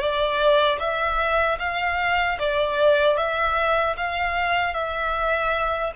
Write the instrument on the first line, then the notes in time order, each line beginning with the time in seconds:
violin
0.00 D5
0.79 E5
1.59 F5
2.39 D5
3.17 E5
3.97 F5
4.74 E5